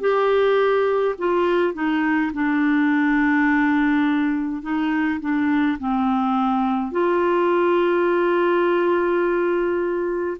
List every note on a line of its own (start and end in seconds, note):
0.00 1.15 G4
1.19 1.74 F4
1.74 2.32 D#4
2.33 4.62 D4
4.62 5.20 D#4
5.20 5.78 D4
5.79 6.91 C4
6.91 10.37 F4